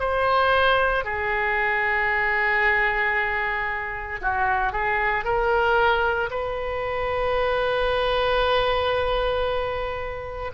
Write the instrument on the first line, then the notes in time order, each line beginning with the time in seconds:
oboe
0.00 C5
1.05 G#4
4.22 F#4
4.73 G#4
5.25 A#4
6.31 B4